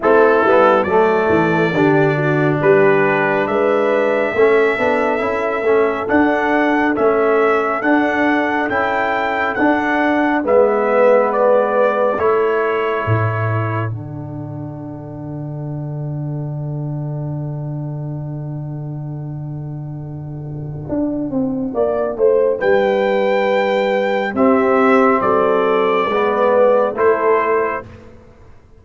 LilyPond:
<<
  \new Staff \with { instrumentName = "trumpet" } { \time 4/4 \tempo 4 = 69 a'4 d''2 b'4 | e''2. fis''4 | e''4 fis''4 g''4 fis''4 | e''4 d''4 cis''2 |
fis''1~ | fis''1~ | fis''2 g''2 | e''4 d''2 c''4 | }
  \new Staff \with { instrumentName = "horn" } { \time 4/4 e'4 a'4 g'8 fis'8 g'4 | b'4 a'2.~ | a'1 | b'2 a'2~ |
a'1~ | a'1~ | a'4 d''8 c''8 b'2 | g'4 a'4 b'4 a'4 | }
  \new Staff \with { instrumentName = "trombone" } { \time 4/4 c'8 b8 a4 d'2~ | d'4 cis'8 d'8 e'8 cis'8 d'4 | cis'4 d'4 e'4 d'4 | b2 e'2 |
d'1~ | d'1~ | d'1 | c'2 b4 e'4 | }
  \new Staff \with { instrumentName = "tuba" } { \time 4/4 a8 g8 fis8 e8 d4 g4 | gis4 a8 b8 cis'8 a8 d'4 | a4 d'4 cis'4 d'4 | gis2 a4 a,4 |
d1~ | d1 | d'8 c'8 ais8 a8 g2 | c'4 fis4 gis4 a4 | }
>>